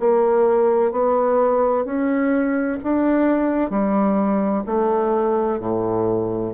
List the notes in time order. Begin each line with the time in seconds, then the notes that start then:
0.00 A#3
0.92 B3
1.85 C#4
2.83 D4
3.70 G3
4.66 A3
5.60 A2